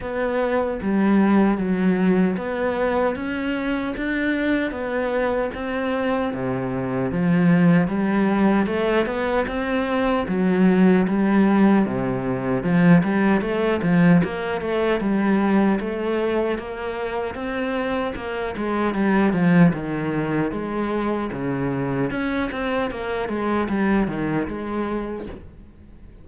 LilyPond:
\new Staff \with { instrumentName = "cello" } { \time 4/4 \tempo 4 = 76 b4 g4 fis4 b4 | cis'4 d'4 b4 c'4 | c4 f4 g4 a8 b8 | c'4 fis4 g4 c4 |
f8 g8 a8 f8 ais8 a8 g4 | a4 ais4 c'4 ais8 gis8 | g8 f8 dis4 gis4 cis4 | cis'8 c'8 ais8 gis8 g8 dis8 gis4 | }